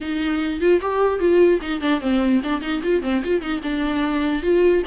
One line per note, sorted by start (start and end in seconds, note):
0.01 0.60 D#4
0.60 0.80 F4
0.81 1.19 G4
1.19 1.59 F4
1.61 1.80 D#4
1.80 2.00 D4
2.00 2.41 C4
2.43 2.61 D4
2.61 2.81 D#4
2.83 3.02 F4
3.02 3.22 C4
3.24 3.41 F4
3.41 3.61 D#4
3.62 4.42 D4
4.42 4.82 F4